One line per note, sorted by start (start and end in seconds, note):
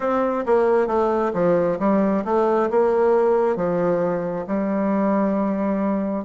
0.00 0.44 C4
0.46 0.87 A#3
0.87 1.32 A3
1.33 1.78 F3
1.79 2.24 G3
2.24 2.69 A3
2.70 3.56 A#3
3.56 4.45 F3
4.47 6.24 G3